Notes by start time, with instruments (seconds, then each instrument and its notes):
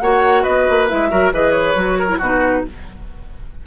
0.00 bassoon A#3, clarinet F#4, oboe C#5, flute F#5
0.43 bassoon B3, oboe B4, flute D#5
0.69 bassoon A#3
0.89 bassoon G#3, clarinet E4, flute E5
1.10 bassoon F#3, clarinet F#4, oboe A#4
1.32 bassoon E3, clarinet G#4, oboe B4, flute D#5
1.52 flute C#5
1.75 bassoon F#3, clarinet F#4
1.99 oboe A#4
2.08 clarinet E4
2.18 bassoon B2, clarinet D#4, oboe F#4, flute B4